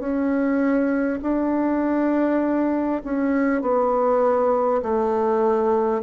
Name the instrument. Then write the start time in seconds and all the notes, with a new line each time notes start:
bassoon
0.00 C#4
1.22 D4
3.04 C#4
3.62 B3
4.83 A3